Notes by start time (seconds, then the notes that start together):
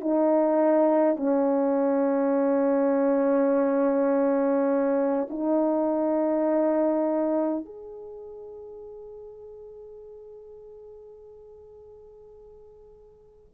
0.00 D#4
1.16 C#4
5.29 D#4
7.65 G#4